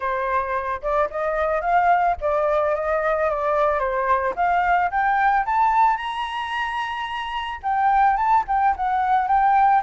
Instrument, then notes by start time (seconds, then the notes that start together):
flute
0.00 C5
0.82 D5
1.10 D#5
1.61 F5
2.20 D5
2.75 D#5
3.30 D5
3.79 C5
4.35 F5
4.90 G5
5.45 A5
5.96 A#5
7.62 G5
8.16 A5
8.47 G5
8.76 F#5
9.27 G5